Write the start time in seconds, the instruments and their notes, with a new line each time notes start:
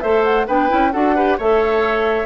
0.00 bassoon A3, clarinet A4, oboe C5, flute E5
0.23 flute F#5
0.47 bassoon B3, clarinet D4, oboe B4, flute G5
0.68 bassoon C#4, clarinet E4
0.92 bassoon D4, clarinet F#4, oboe A4, flute F#5
1.15 clarinet G4, oboe B4
1.37 bassoon A3, clarinet A4, oboe C#5, flute E5